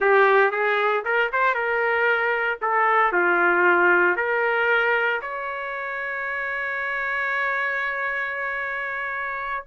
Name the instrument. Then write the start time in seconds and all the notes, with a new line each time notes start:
trumpet
0.00 G4
0.51 G#4
1.04 A#4
1.32 C5
1.54 A#4
2.61 A4
3.12 F4
4.16 A#4
5.21 C#5